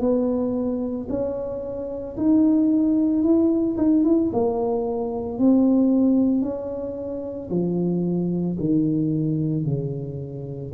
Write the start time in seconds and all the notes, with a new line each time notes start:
0.00 B3
1.09 C#4
2.17 D#4
3.23 E4
3.77 D#4
4.04 E4
4.33 A#3
5.39 C4
6.42 C#4
7.50 F3
8.60 D#3
9.65 C#3